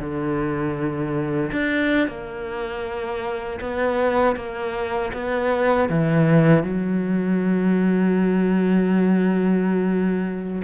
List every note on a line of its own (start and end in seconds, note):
0.00 1.52 D3
1.52 2.08 D4
2.08 3.60 A#3
3.61 4.37 B3
4.37 5.13 A#3
5.13 5.89 B3
5.90 6.64 E3
6.64 10.62 F#3